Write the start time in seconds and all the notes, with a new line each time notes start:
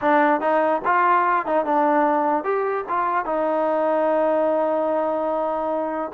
0.01 D4
0.40 D#4
0.84 F4
1.45 D#4
1.65 D4
2.44 G4
2.88 F4
3.25 D#4